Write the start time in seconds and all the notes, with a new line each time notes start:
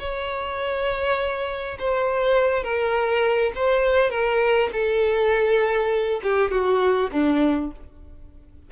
0.00 C#5
1.80 C5
2.64 A#4
3.56 C5
4.11 A#4
4.73 A4
6.23 G4
6.52 F#4
7.12 D4